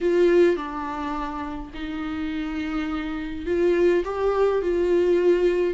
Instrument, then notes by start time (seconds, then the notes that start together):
viola
0.00 F4
0.56 D4
1.74 D#4
3.46 F4
4.04 G4
4.62 F4